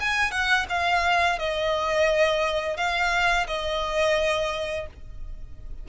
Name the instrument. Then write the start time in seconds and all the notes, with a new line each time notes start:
violin
0.00 G#5
0.31 F#5
0.69 F5
1.39 D#5
2.77 F5
3.48 D#5